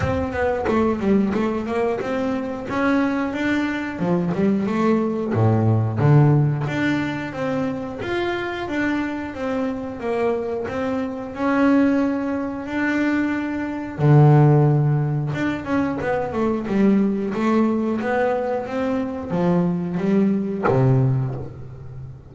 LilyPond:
\new Staff \with { instrumentName = "double bass" } { \time 4/4 \tempo 4 = 90 c'8 b8 a8 g8 a8 ais8 c'4 | cis'4 d'4 f8 g8 a4 | a,4 d4 d'4 c'4 | f'4 d'4 c'4 ais4 |
c'4 cis'2 d'4~ | d'4 d2 d'8 cis'8 | b8 a8 g4 a4 b4 | c'4 f4 g4 c4 | }